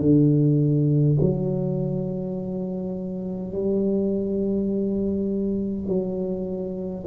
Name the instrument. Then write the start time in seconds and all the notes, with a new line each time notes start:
tuba
0.00 D3
1.21 F#3
3.53 G3
5.87 F#3